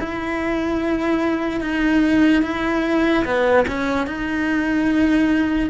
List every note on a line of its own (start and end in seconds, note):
0.00 1.61 E4
1.61 2.42 D#4
2.42 3.25 E4
3.25 3.66 B3
3.68 4.07 C#4
4.07 5.70 D#4